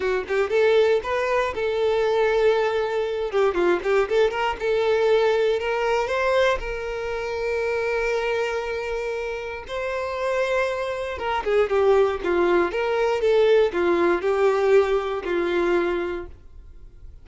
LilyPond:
\new Staff \with { instrumentName = "violin" } { \time 4/4 \tempo 4 = 118 fis'8 g'8 a'4 b'4 a'4~ | a'2~ a'8 g'8 f'8 g'8 | a'8 ais'8 a'2 ais'4 | c''4 ais'2.~ |
ais'2. c''4~ | c''2 ais'8 gis'8 g'4 | f'4 ais'4 a'4 f'4 | g'2 f'2 | }